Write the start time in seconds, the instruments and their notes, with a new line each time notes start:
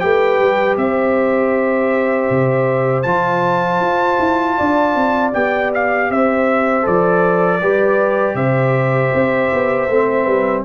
0.00 tuba A3, trombone G4, horn B4, trumpet G5
0.40 tuba G3
0.77 tuba C4, horn C5, trumpet E5
2.30 tuba C3
3.03 tuba F3, trombone F4, trumpet A5
3.81 tuba F4
4.20 tuba E4
4.57 tuba D4, horn D5
4.96 tuba C4
5.33 tuba B3, trombone G4, trumpet G5
5.75 trumpet F5
6.10 tuba C4, horn C5, trumpet E5
6.83 tuba F3, trombone A4, trumpet D5
7.61 tuba G3, trombone G4, horn B4
8.35 tuba C3, horn C5, trumpet E5
9.14 tuba C4
9.54 tuba B3
9.89 tuba A3, trombone C4
10.24 tuba G3, horn B4